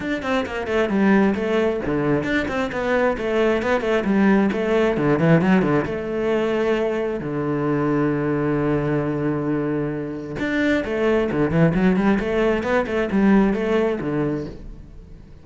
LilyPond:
\new Staff \with { instrumentName = "cello" } { \time 4/4 \tempo 4 = 133 d'8 c'8 ais8 a8 g4 a4 | d4 d'8 c'8 b4 a4 | b8 a8 g4 a4 d8 e8 | fis8 d8 a2. |
d1~ | d2. d'4 | a4 d8 e8 fis8 g8 a4 | b8 a8 g4 a4 d4 | }